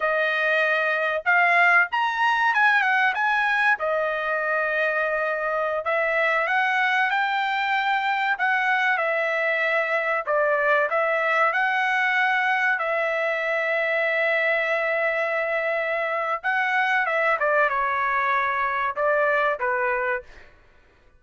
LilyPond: \new Staff \with { instrumentName = "trumpet" } { \time 4/4 \tempo 4 = 95 dis''2 f''4 ais''4 | gis''8 fis''8 gis''4 dis''2~ | dis''4~ dis''16 e''4 fis''4 g''8.~ | g''4~ g''16 fis''4 e''4.~ e''16~ |
e''16 d''4 e''4 fis''4.~ fis''16~ | fis''16 e''2.~ e''8.~ | e''2 fis''4 e''8 d''8 | cis''2 d''4 b'4 | }